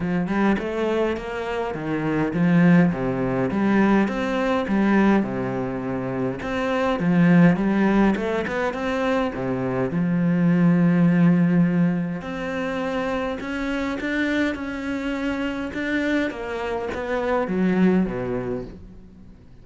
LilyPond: \new Staff \with { instrumentName = "cello" } { \time 4/4 \tempo 4 = 103 f8 g8 a4 ais4 dis4 | f4 c4 g4 c'4 | g4 c2 c'4 | f4 g4 a8 b8 c'4 |
c4 f2.~ | f4 c'2 cis'4 | d'4 cis'2 d'4 | ais4 b4 fis4 b,4 | }